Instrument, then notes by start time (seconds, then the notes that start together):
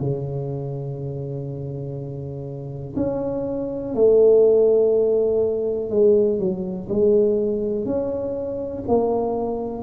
tuba
0.00 C#3
2.96 C#4
3.94 A3
5.89 G#3
6.38 F#3
6.89 G#3
7.85 C#4
8.88 A#3